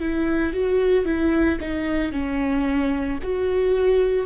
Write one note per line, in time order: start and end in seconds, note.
0.00 0.54 E4
0.54 1.06 F#4
1.06 1.59 E4
1.61 2.12 D#4
2.12 3.19 C#4
3.23 4.27 F#4